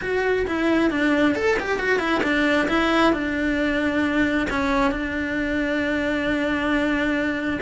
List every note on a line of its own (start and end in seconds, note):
0.01 0.46 F#4
0.47 0.90 E4
0.90 1.35 D4
1.35 1.57 A4
1.59 1.79 G4
1.79 1.99 F#4
1.99 2.21 E4
2.23 2.67 D4
2.68 3.12 E4
3.12 4.47 D4
4.50 4.91 C#4
4.91 7.59 D4